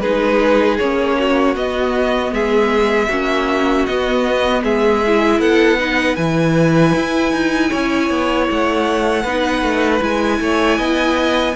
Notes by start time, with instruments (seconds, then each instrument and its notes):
0.00 cello G#3, viola D#4, violin G#4 B4
0.78 cello A#3, viola C#4, violin C#5
1.18 violin F#4
1.55 viola B3, cello B3, violin D#5
2.32 cello G#3, violin G#4 E5
3.08 cello A#3, viola C#4, violin F#4
3.85 viola B3, cello B3, violin D#5
4.63 cello G#3, violin G#4 E5
5.06 viola E4
5.39 cello B3, violin A4 F#5
5.78 viola D#4, violin B4
6.16 cello E3, viola E4, violin G#5
6.95 cello E4
7.32 cello D#4
7.70 cello C#4, violin C#5
8.09 cello B3
8.50 cello A3, violin F#5
9.22 cello B3, viola D#4, violin B4
9.62 cello A3
10.00 cello G#3, viola E4, violin G#5
10.40 cello A3, violin C#5
10.78 cello B3, violin D#5